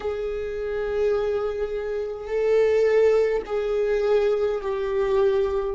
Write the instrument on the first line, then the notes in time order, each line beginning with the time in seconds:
viola
0.00 G#4
2.27 A4
3.46 G#4
4.61 G4